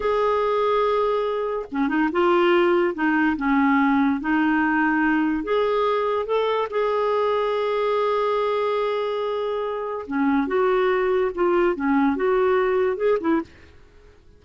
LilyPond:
\new Staff \with { instrumentName = "clarinet" } { \time 4/4 \tempo 4 = 143 gis'1 | cis'8 dis'8 f'2 dis'4 | cis'2 dis'2~ | dis'4 gis'2 a'4 |
gis'1~ | gis'1 | cis'4 fis'2 f'4 | cis'4 fis'2 gis'8 e'8 | }